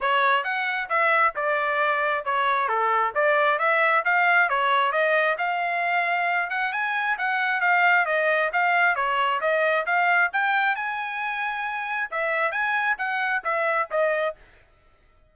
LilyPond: \new Staff \with { instrumentName = "trumpet" } { \time 4/4 \tempo 4 = 134 cis''4 fis''4 e''4 d''4~ | d''4 cis''4 a'4 d''4 | e''4 f''4 cis''4 dis''4 | f''2~ f''8 fis''8 gis''4 |
fis''4 f''4 dis''4 f''4 | cis''4 dis''4 f''4 g''4 | gis''2. e''4 | gis''4 fis''4 e''4 dis''4 | }